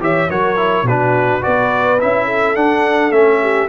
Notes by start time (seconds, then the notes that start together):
0.00 E3 G4 C#5 E5
0.29 F#3 F#4 A#4 C#5
0.57 E4
0.83 B2 F#4 B4
0.90 D4
1.41 B3 F#4 B4 D5
2.00 C#4 E4 E5
2.25 A4
2.56 D4 F#5
3.11 A3 C#4 E5
3.42 G4